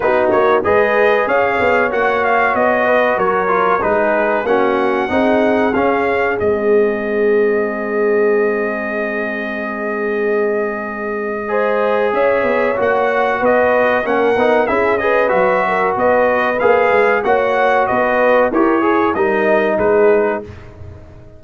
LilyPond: <<
  \new Staff \with { instrumentName = "trumpet" } { \time 4/4 \tempo 4 = 94 b'8 cis''8 dis''4 f''4 fis''8 f''8 | dis''4 cis''4 b'4 fis''4~ | fis''4 f''4 dis''2~ | dis''1~ |
dis''2. e''4 | fis''4 dis''4 fis''4 e''8 dis''8 | e''4 dis''4 f''4 fis''4 | dis''4 cis''4 dis''4 b'4 | }
  \new Staff \with { instrumentName = "horn" } { \time 4/4 fis'4 b'4 cis''2~ | cis''8 b'8 ais'4 gis'4 fis'4 | gis'1~ | gis'1~ |
gis'2 c''4 cis''4~ | cis''4 b'4 ais'4 gis'8 b'8~ | b'8 ais'8 b'2 cis''4 | b'4 ais'8 gis'8 ais'4 gis'4 | }
  \new Staff \with { instrumentName = "trombone" } { \time 4/4 dis'4 gis'2 fis'4~ | fis'4. f'8 dis'4 cis'4 | dis'4 cis'4 c'2~ | c'1~ |
c'2 gis'2 | fis'2 cis'8 dis'8 e'8 gis'8 | fis'2 gis'4 fis'4~ | fis'4 g'8 gis'8 dis'2 | }
  \new Staff \with { instrumentName = "tuba" } { \time 4/4 b8 ais8 gis4 cis'8 b8 ais4 | b4 fis4 gis4 ais4 | c'4 cis'4 gis2~ | gis1~ |
gis2. cis'8 b8 | ais4 b4 ais8 b8 cis'4 | fis4 b4 ais8 gis8 ais4 | b4 e'4 g4 gis4 | }
>>